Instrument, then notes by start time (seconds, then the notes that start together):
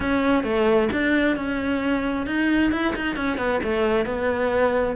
cello
0.00 C#4
0.43 A3
0.92 D4
1.36 C#4
2.26 D#4
2.71 E4
2.95 D#4
3.16 C#4
3.37 B3
3.63 A3
4.05 B3